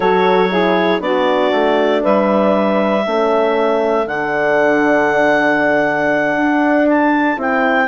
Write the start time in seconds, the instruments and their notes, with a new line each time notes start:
0.00 bassoon F#3, horn F#4, saxophone A4, clarinet C#5
0.49 horn E4, saxophone G#4
1.00 bassoon B3, horn D4, saxophone F#4, clarinet D5
1.51 bassoon A3
2.03 bassoon G3, saxophone B4, clarinet E5
3.04 bassoon A3, horn C#4, saxophone A4
4.06 bassoon D3, horn D4, clarinet F#5
6.36 bassoon D4
6.88 clarinet A5
7.36 bassoon C4, horn E4, clarinet G5